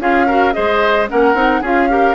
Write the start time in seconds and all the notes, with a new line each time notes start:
0.00 C#4 F4 G#4 F5
0.27 F#4 A#4
0.53 G#3 G#4 C5 D#5
1.09 A#3 C#4 A#4 F#5
1.34 C4 D#4
1.61 C#4 F4 G#4 F5
1.90 G4 A#4